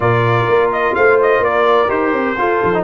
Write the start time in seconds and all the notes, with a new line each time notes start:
0.00 A#2 F4 A#4 D5
0.48 A#3
0.72 D#5
0.95 A3 C5 F5
1.21 D#5
1.39 A#3 A#4 D5
1.88 D#4 G4 C5
2.12 C4
2.37 F4 A4
2.63 F3
2.73 D#4